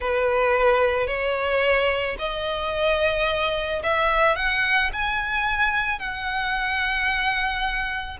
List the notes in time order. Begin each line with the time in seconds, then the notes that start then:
0.00 B4
1.07 C#5
2.18 D#5
3.83 E5
4.36 F#5
4.92 G#5
5.99 F#5